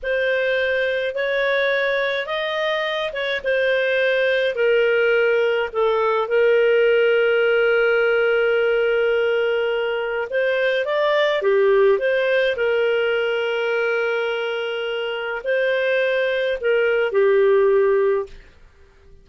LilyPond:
\new Staff \with { instrumentName = "clarinet" } { \time 4/4 \tempo 4 = 105 c''2 cis''2 | dis''4. cis''8 c''2 | ais'2 a'4 ais'4~ | ais'1~ |
ais'2 c''4 d''4 | g'4 c''4 ais'2~ | ais'2. c''4~ | c''4 ais'4 g'2 | }